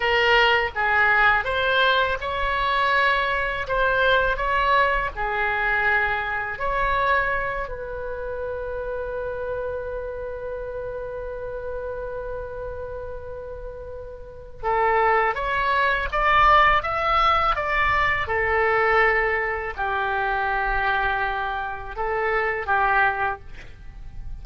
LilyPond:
\new Staff \with { instrumentName = "oboe" } { \time 4/4 \tempo 4 = 82 ais'4 gis'4 c''4 cis''4~ | cis''4 c''4 cis''4 gis'4~ | gis'4 cis''4. b'4.~ | b'1~ |
b'1 | a'4 cis''4 d''4 e''4 | d''4 a'2 g'4~ | g'2 a'4 g'4 | }